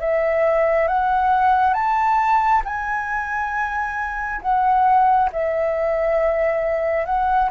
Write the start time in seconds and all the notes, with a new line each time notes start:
0.00 E5
0.88 F#5
1.74 A5
2.65 G#5
4.42 F#5
5.32 E5
7.05 F#5